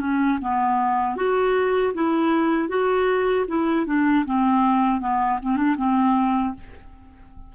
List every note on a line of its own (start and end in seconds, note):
0.00 0.38 C#4
0.42 1.16 B3
1.16 1.93 F#4
1.94 2.69 E4
2.69 3.45 F#4
3.48 3.86 E4
3.86 4.25 D4
4.26 5.01 C4
5.01 5.39 B3
5.42 5.57 C4
5.57 5.76 D4
5.78 6.55 C4